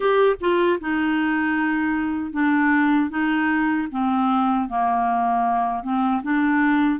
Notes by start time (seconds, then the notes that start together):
0.00 G4
0.40 F4
0.80 D#4
2.32 D4
3.10 D#4
3.91 C4
4.69 A#3
5.83 C4
6.22 D4